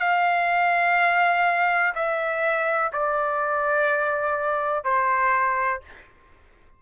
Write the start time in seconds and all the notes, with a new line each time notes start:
0.00 F5
1.95 E5
2.93 D5
4.84 C5